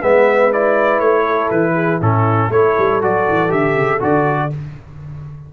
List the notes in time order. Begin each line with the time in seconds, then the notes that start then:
0.00 G#3 B3 B4 E5
0.53 E4 D5
1.00 A3 C#5
1.23 A4
1.51 E3 B4
1.75 G#4
1.99 A2 C#4 E4 A4
2.49 A3 E4 A4 C#5
2.79 G3
3.02 F#3 F#4 D5
3.29 E3
3.49 D3 G4 E5
3.76 C#3
4.00 D3 F#4 D5